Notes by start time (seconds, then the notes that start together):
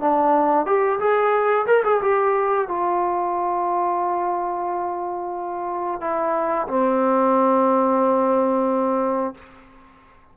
0.00 D4
0.65 G4
0.99 G#4
1.66 A#4
1.84 G#4
2.02 G4
2.68 F4
6.00 E4
6.67 C4